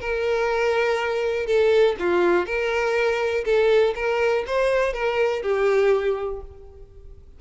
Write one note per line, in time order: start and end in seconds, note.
0.00 1.46 A#4
1.46 1.95 A4
1.99 2.46 F4
2.46 3.44 A#4
3.44 3.93 A4
3.95 4.44 A#4
4.46 4.93 C5
4.93 5.42 A#4
5.42 6.40 G4